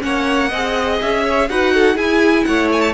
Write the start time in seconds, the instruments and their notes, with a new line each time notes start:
0.00 cello A#3, viola C#4, violin C#5 F#5
0.48 cello C4, viola G#4, violin D#5
1.01 cello C#4, violin E5
1.24 violin C#5
1.49 cello D#4, viola F#4, violin B4 F#5
1.74 violin A4
1.95 cello E4, viola E4, violin G#4 G#5
2.44 cello A3, violin C#5 F#5
2.72 violin G#5
2.81 violin A5